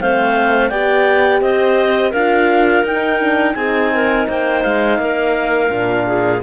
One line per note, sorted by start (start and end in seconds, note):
0.00 0.71 A3
0.00 0.72 C4
0.00 0.70 C5
0.00 0.70 F5
0.70 1.42 B3
0.70 2.15 G4
0.70 1.42 D5
0.70 1.41 G5
1.42 2.13 C4
1.42 2.11 C5
1.42 2.13 D#5
2.11 2.84 D4
2.11 2.87 F4
2.11 3.54 A#4
2.11 2.85 F5
2.84 3.55 D#4
2.84 3.20 D#4
2.84 3.55 G5
3.20 3.56 D4
3.55 4.27 C4
3.55 5.70 D#4
3.55 3.92 G#4
3.55 4.26 G#5
3.94 4.28 A#4
4.28 4.65 A#3
4.28 5.00 C5
4.28 4.63 G5
4.63 4.99 G#3
4.63 6.42 F5
4.99 5.70 A#3
4.99 6.07 A#4
5.70 6.42 A#2
5.70 6.41 D4
6.07 6.42 G#4